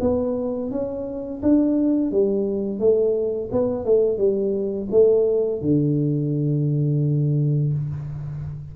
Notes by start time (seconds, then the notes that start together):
0.00 B3
0.71 C#4
1.42 D4
2.11 G3
2.79 A3
3.52 B3
3.85 A3
4.17 G3
4.91 A3
5.61 D3